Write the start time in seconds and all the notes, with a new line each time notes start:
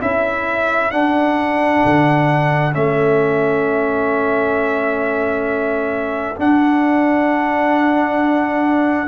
0.00 C#4 E4 A4 E5
0.91 D4 F#5
1.85 D3
2.72 A3 C#4 E5
6.36 D4 F#5